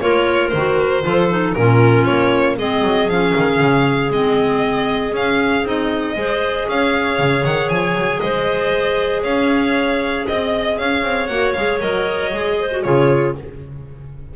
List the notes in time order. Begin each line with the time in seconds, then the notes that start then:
0.00 A#3 F4 A#4 C#5
0.48 D#3 C5
0.56 F#4
1.02 F3 F4 A4
1.29 D#4
1.53 A#2 C#4 F4 A#4
2.04 A#3 C#5
2.56 G#3 C4 G#4 D#5
2.82 F#3
3.07 F3 C#4 F5
3.36 D#3
3.59 C#3
4.10 G#3 C4 D#5
5.11 C#4 F5
5.63 C4 D#4 D#5
6.15 G#3 G#4 C5
6.68 C#4 C#5 F5
7.18 C#3
7.44 D#3 F#5
7.69 F3 G#5
7.94 F#3
8.19 G#3 C5 D#5
9.23 C#4 C#5 F5
10.27 C4 D#5
10.78 C#4 C#5 F5
11.02 C4
11.27 A#3 F#4 F#5
11.53 G#3 G#4 F5
11.80 F#3 A#4 D#5
12.31 G#3 G#4
12.59 C5
12.71 F#4
12.83 C#3 F4 G#4 C#5